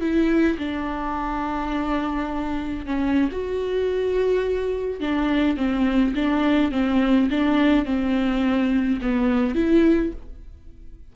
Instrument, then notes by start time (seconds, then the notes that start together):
viola
0.00 E4
0.58 D4
2.86 C#4
3.32 F#4
5.00 D4
5.57 C4
6.15 D4
6.72 C4
7.30 D4
7.85 C4
9.02 B3
9.55 E4